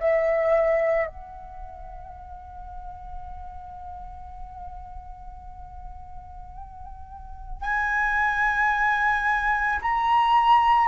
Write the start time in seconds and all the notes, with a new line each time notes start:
0.00 E5
1.08 F#5
7.62 G#5
9.82 A#5